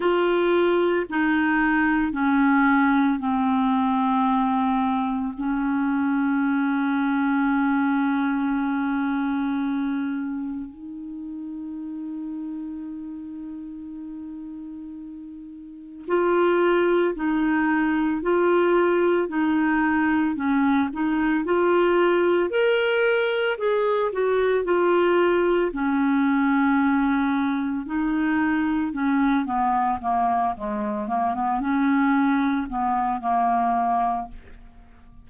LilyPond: \new Staff \with { instrumentName = "clarinet" } { \time 4/4 \tempo 4 = 56 f'4 dis'4 cis'4 c'4~ | c'4 cis'2.~ | cis'2 dis'2~ | dis'2. f'4 |
dis'4 f'4 dis'4 cis'8 dis'8 | f'4 ais'4 gis'8 fis'8 f'4 | cis'2 dis'4 cis'8 b8 | ais8 gis8 ais16 b16 cis'4 b8 ais4 | }